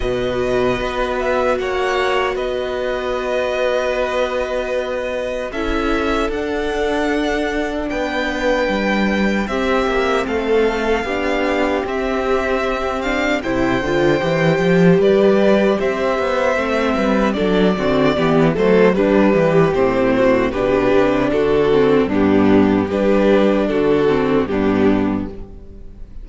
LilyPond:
<<
  \new Staff \with { instrumentName = "violin" } { \time 4/4 \tempo 4 = 76 dis''4. e''8 fis''4 dis''4~ | dis''2. e''4 | fis''2 g''2 | e''4 f''2 e''4~ |
e''8 f''8 g''2 d''4 | e''2 d''4. c''8 | b'4 c''4 b'4 a'4 | g'4 b'4 a'4 g'4 | }
  \new Staff \with { instrumentName = "violin" } { \time 4/4 b'2 cis''4 b'4~ | b'2. a'4~ | a'2 b'2 | g'4 a'4 g'2~ |
g'4 c''2 b'4 | c''4. b'8 a'8 fis'8 g'8 a'8 | d'8 g'4 fis'8 g'4 fis'4 | d'4 g'4 fis'4 d'4 | }
  \new Staff \with { instrumentName = "viola" } { \time 4/4 fis'1~ | fis'2. e'4 | d'1 | c'2 d'4 c'4~ |
c'8 d'8 e'8 f'8 g'2~ | g'4 c'4 d'8 c'8 b8 a8 | g4 c'4 d'4. c'8 | b4 d'4. c'8 b4 | }
  \new Staff \with { instrumentName = "cello" } { \time 4/4 b,4 b4 ais4 b4~ | b2. cis'4 | d'2 b4 g4 | c'8 ais8 a4 b4 c'4~ |
c'4 c8 d8 e8 f8 g4 | c'8 b8 a8 g8 fis8 d8 e8 fis8 | g8 e8 a,4 b,8 c8 d4 | g,4 g4 d4 g,4 | }
>>